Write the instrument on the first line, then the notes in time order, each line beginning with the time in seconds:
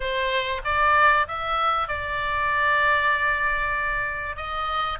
oboe
0.00 C5
0.64 D5
1.27 E5
1.88 D5
4.36 D#5